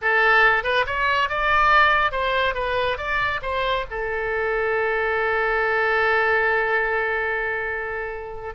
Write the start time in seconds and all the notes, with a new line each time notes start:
0.01 A4
0.63 B4
0.86 C#5
1.29 D5
2.11 C5
2.54 B4
2.97 D5
3.42 C5
3.90 A4